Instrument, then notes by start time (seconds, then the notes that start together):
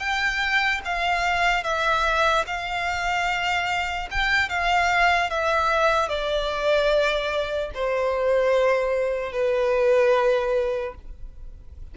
violin
0.00 G5
0.85 F5
1.64 E5
2.47 F5
4.11 G5
4.49 F5
5.30 E5
6.09 D5
7.75 C5
9.33 B4